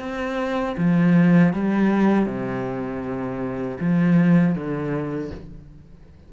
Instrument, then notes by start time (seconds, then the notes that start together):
cello
0.00 C4
0.77 F3
1.53 G3
2.26 C3
3.80 F3
4.55 D3